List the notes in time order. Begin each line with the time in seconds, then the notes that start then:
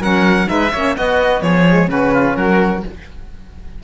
0.00 F#3 C#4 A#4 F#5
0.46 G#3 D#4 B4 E5
0.71 A#3 C#4 C#5
0.96 B3 F#4 D#5
1.41 F3 G#4 C#5
1.68 G#3
1.88 C#3 C#4 F#4 B4
2.13 F4
2.36 F#3 F#4 A#4